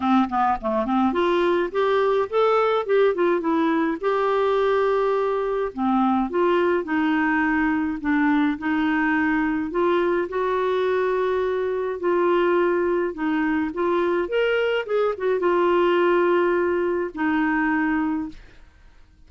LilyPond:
\new Staff \with { instrumentName = "clarinet" } { \time 4/4 \tempo 4 = 105 c'8 b8 a8 c'8 f'4 g'4 | a'4 g'8 f'8 e'4 g'4~ | g'2 c'4 f'4 | dis'2 d'4 dis'4~ |
dis'4 f'4 fis'2~ | fis'4 f'2 dis'4 | f'4 ais'4 gis'8 fis'8 f'4~ | f'2 dis'2 | }